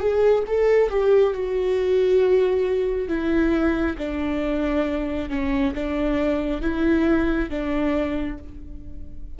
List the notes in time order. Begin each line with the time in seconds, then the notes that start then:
0.00 G#4
0.48 A4
0.90 G4
1.34 F#4
3.09 E4
3.98 D4
5.30 C#4
5.75 D4
6.62 E4
7.50 D4